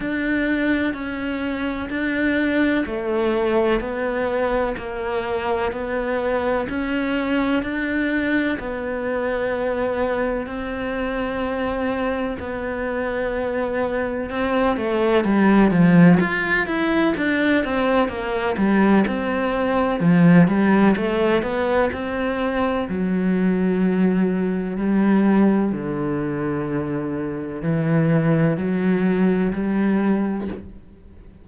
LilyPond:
\new Staff \with { instrumentName = "cello" } { \time 4/4 \tempo 4 = 63 d'4 cis'4 d'4 a4 | b4 ais4 b4 cis'4 | d'4 b2 c'4~ | c'4 b2 c'8 a8 |
g8 f8 f'8 e'8 d'8 c'8 ais8 g8 | c'4 f8 g8 a8 b8 c'4 | fis2 g4 d4~ | d4 e4 fis4 g4 | }